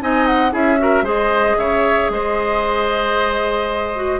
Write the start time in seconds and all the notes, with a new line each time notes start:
0.00 C4 D#4 D#5 G#5
0.27 F#5
0.51 C#4 E4 G#4 E5
0.78 F#4 A#4
1.02 G#3 G#4 C5 D#5
1.58 C#3 C#5 E5
2.09 G#3 C5 D#5
3.95 F#4